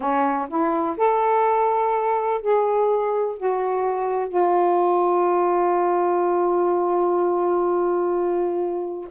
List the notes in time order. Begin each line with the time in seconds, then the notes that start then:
0.00 C#4
0.48 E4
0.97 A4
2.41 G#4
3.37 F#4
4.28 F4